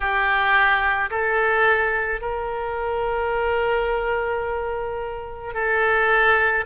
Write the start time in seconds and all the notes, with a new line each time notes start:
0.00 G4
1.10 A4
2.21 A#4
5.54 A4